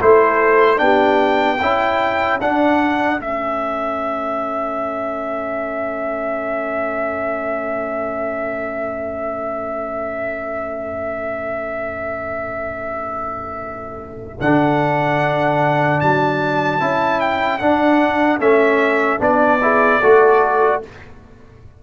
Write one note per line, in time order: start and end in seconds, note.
0.00 0.80 A3
0.00 0.77 E4
0.00 0.82 A4
0.00 0.78 C5
0.77 1.60 B3
0.77 1.57 D4
0.77 1.62 G4
0.77 2.38 G5
1.61 2.41 C#4
1.61 2.40 E4
1.61 19.61 A4
2.40 3.19 D4
2.40 3.21 F#5
3.19 14.39 A3
3.19 14.39 C#4
3.19 14.40 E5
14.40 16.01 D3
14.40 16.80 D4
14.40 16.00 F#5
16.00 16.80 F#3
16.00 17.20 A5
16.80 17.61 C#4
16.80 17.60 E4
17.20 17.58 G5
17.58 18.39 D4
17.58 18.38 F#5
18.39 19.19 A3
18.39 19.19 C#4
18.39 19.21 E5
19.19 20.00 B3
19.19 19.59 D4
19.19 20.82 D5
19.61 20.01 E4
19.61 20.00 G#4
20.00 20.83 A3
20.00 20.82 F#4
20.00 20.80 A4